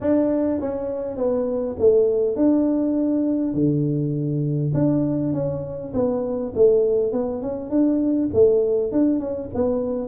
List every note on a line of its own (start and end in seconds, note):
0.01 0.60 D4
0.60 1.16 C#4
1.16 1.76 B3
1.79 2.36 A3
2.36 3.53 D4
3.53 4.72 D3
4.74 5.33 D4
5.33 5.92 C#4
5.93 6.53 B3
6.55 7.12 A3
7.12 7.42 B3
7.42 7.70 C#4
7.70 8.29 D4
8.33 8.91 A3
8.91 9.19 D4
9.19 9.49 C#4
9.54 10.08 B3